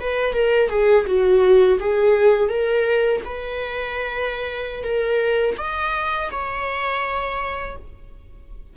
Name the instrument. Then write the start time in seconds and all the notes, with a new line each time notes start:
viola
0.00 B4
0.33 A#4
0.69 G#4
1.06 F#4
1.79 G#4
2.49 A#4
3.25 B4
4.84 A#4
5.58 D#5
6.32 C#5